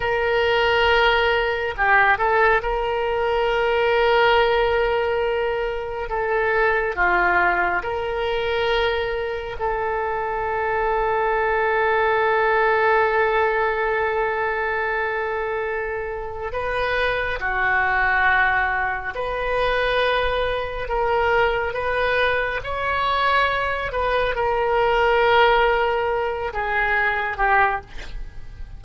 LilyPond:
\new Staff \with { instrumentName = "oboe" } { \time 4/4 \tempo 4 = 69 ais'2 g'8 a'8 ais'4~ | ais'2. a'4 | f'4 ais'2 a'4~ | a'1~ |
a'2. b'4 | fis'2 b'2 | ais'4 b'4 cis''4. b'8 | ais'2~ ais'8 gis'4 g'8 | }